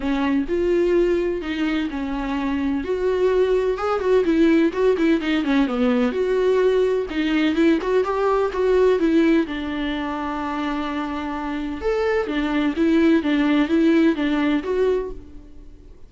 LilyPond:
\new Staff \with { instrumentName = "viola" } { \time 4/4 \tempo 4 = 127 cis'4 f'2 dis'4 | cis'2 fis'2 | gis'8 fis'8 e'4 fis'8 e'8 dis'8 cis'8 | b4 fis'2 dis'4 |
e'8 fis'8 g'4 fis'4 e'4 | d'1~ | d'4 a'4 d'4 e'4 | d'4 e'4 d'4 fis'4 | }